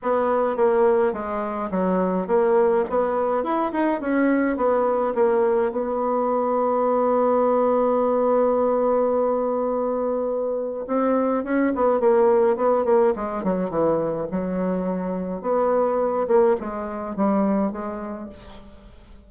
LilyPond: \new Staff \with { instrumentName = "bassoon" } { \time 4/4 \tempo 4 = 105 b4 ais4 gis4 fis4 | ais4 b4 e'8 dis'8 cis'4 | b4 ais4 b2~ | b1~ |
b2. c'4 | cis'8 b8 ais4 b8 ais8 gis8 fis8 | e4 fis2 b4~ | b8 ais8 gis4 g4 gis4 | }